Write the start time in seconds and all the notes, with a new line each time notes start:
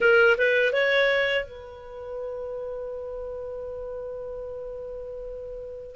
0.00 A#4
0.37 B4
0.73 C#5
1.44 B4